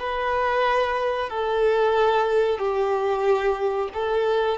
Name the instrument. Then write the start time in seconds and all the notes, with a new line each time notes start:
violin
0.00 B4
1.30 A4
2.59 G4
3.94 A4